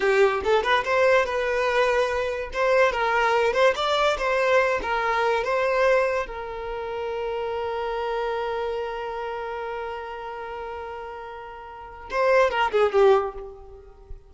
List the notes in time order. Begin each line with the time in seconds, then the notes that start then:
0.00 G4
0.43 A4
0.63 B4
0.84 C5
1.25 B4
2.53 C5
2.92 A#4
3.53 C5
3.75 D5
4.18 C5
4.82 A#4
5.44 C5
6.26 A#4
12.10 C5
12.50 A#4
12.71 G#4
12.92 G4